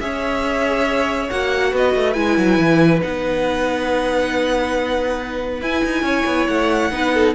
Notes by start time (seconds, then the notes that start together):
0.00 C#4 G#4 C#5 E5
1.30 A#3 F#4 F#5
1.71 B3 B4 D#5
1.94 A3
2.13 G#3 E4 G#5
2.38 F#3
2.58 E3
3.01 B3 D#4 F#5
5.61 E4 G#5
5.84 D#4
6.02 C#4 C#5
6.26 B3
6.47 A3 F#5
6.91 B3 D#4 B4
7.14 A4